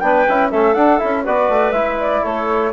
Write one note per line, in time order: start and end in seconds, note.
0.00 0.26 B3
0.00 0.27 D4
0.00 0.51 B4
0.00 0.49 G5
0.29 0.52 C#4
0.29 0.53 E4
0.51 0.75 A3
0.51 0.76 C#4
0.51 1.24 A4
0.51 0.74 E5
0.74 1.00 D4
0.74 0.99 D4
0.74 0.99 F#5
0.99 1.27 C#4
0.99 1.24 E4
0.99 1.24 E5
1.24 1.49 B3
1.24 1.74 F#4
1.24 2.22 B4
1.24 1.72 D5
1.49 1.72 A3
1.72 2.21 G#3
1.72 2.73 E4
1.72 1.96 E5
2.00 2.24 D5
2.23 2.73 A3
2.23 2.72 A4
2.23 2.73 C#5